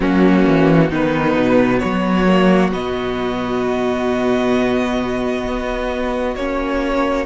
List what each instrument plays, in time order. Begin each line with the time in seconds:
0.00 cello F#3, viola A#3, violin C#4 F#4
0.47 cello E3
0.89 cello D#3, viola B3, violin D#4 B4
1.35 cello B2
1.79 cello F#3, violin F#4 C#5
2.27 viola A#3
2.72 cello B2, viola B3, violin D#5
5.46 cello B3
6.35 cello A#3, viola C#4, violin C#5